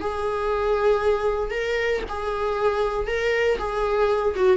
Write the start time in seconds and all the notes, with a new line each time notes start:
0.00 G#4
1.51 A#4
2.09 G#4
3.07 A#4
3.58 G#4
4.35 F#4